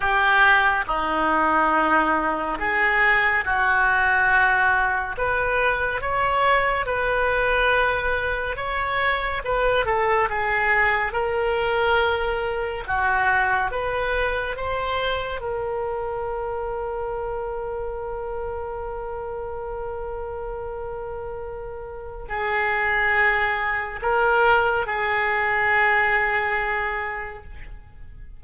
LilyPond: \new Staff \with { instrumentName = "oboe" } { \time 4/4 \tempo 4 = 70 g'4 dis'2 gis'4 | fis'2 b'4 cis''4 | b'2 cis''4 b'8 a'8 | gis'4 ais'2 fis'4 |
b'4 c''4 ais'2~ | ais'1~ | ais'2 gis'2 | ais'4 gis'2. | }